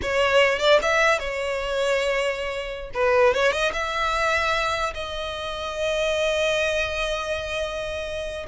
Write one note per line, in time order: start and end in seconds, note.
0.01 0.59 C#5
0.59 0.79 D5
0.81 1.19 E5
1.19 2.90 C#5
2.94 3.33 B4
3.33 3.52 C#5
3.52 3.72 D#5
3.72 4.93 E5
4.94 8.46 D#5